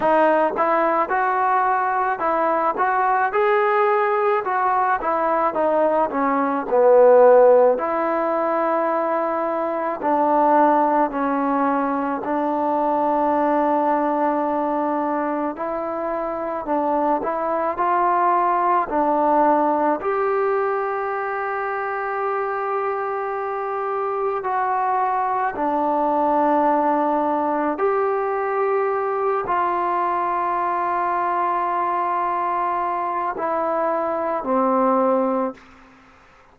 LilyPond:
\new Staff \with { instrumentName = "trombone" } { \time 4/4 \tempo 4 = 54 dis'8 e'8 fis'4 e'8 fis'8 gis'4 | fis'8 e'8 dis'8 cis'8 b4 e'4~ | e'4 d'4 cis'4 d'4~ | d'2 e'4 d'8 e'8 |
f'4 d'4 g'2~ | g'2 fis'4 d'4~ | d'4 g'4. f'4.~ | f'2 e'4 c'4 | }